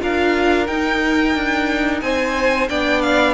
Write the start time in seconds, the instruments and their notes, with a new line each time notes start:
0.00 cello D4, viola F4, violin A#4 F5
0.67 cello D#4, viola D#4, violin G5
1.35 cello D4
2.01 cello C4, violin C5 G#5
2.69 cello B3, viola D4, violin D5 G5
3.02 violin F5